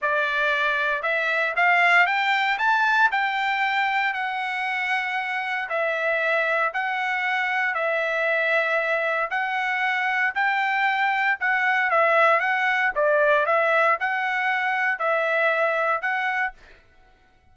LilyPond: \new Staff \with { instrumentName = "trumpet" } { \time 4/4 \tempo 4 = 116 d''2 e''4 f''4 | g''4 a''4 g''2 | fis''2. e''4~ | e''4 fis''2 e''4~ |
e''2 fis''2 | g''2 fis''4 e''4 | fis''4 d''4 e''4 fis''4~ | fis''4 e''2 fis''4 | }